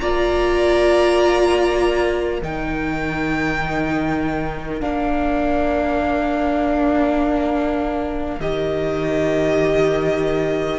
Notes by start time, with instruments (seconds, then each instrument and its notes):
0.00 cello A#3, viola F4, violin D5 A#5
2.40 cello D#3, viola D#4, violin A#4 G5
4.80 cello A#3, viola D4, violin F5
8.40 cello D#3, viola G4, violin D#5